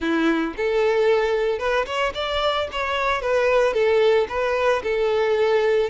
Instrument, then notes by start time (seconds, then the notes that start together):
violin
0.00 E4
0.56 A4
1.59 B4
1.86 C#5
2.14 D5
2.72 C#5
3.21 B4
3.73 A4
4.28 B4
4.83 A4